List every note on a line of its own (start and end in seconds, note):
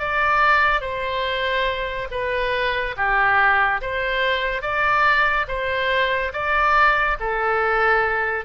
0.00 0.82 D5
0.82 2.09 C5
2.11 2.96 B4
2.97 3.82 G4
3.82 4.62 C5
4.62 5.47 D5
5.49 6.33 C5
6.33 7.18 D5
7.21 8.45 A4